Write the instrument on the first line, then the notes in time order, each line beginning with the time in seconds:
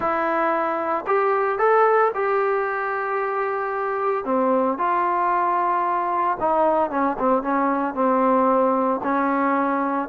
trombone
0.00 E4
1.06 G4
1.58 A4
2.14 G4
4.25 C4
4.78 F4
6.40 D#4
6.90 C#4
7.19 C4
7.42 C#4
7.94 C4
9.03 C#4